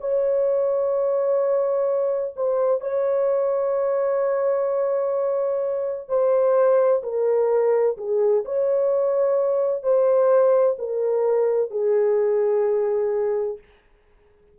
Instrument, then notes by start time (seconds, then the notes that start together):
horn
0.00 C#5
2.36 C5
2.81 C#5
6.09 C5
7.03 A#4
7.97 G#4
8.45 C#5
9.83 C5
10.79 A#4
11.71 G#4